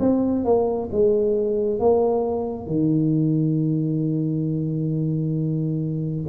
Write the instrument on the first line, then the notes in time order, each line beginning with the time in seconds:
tuba
0.00 C4
0.45 A#3
0.92 G#3
1.80 A#3
2.67 D#3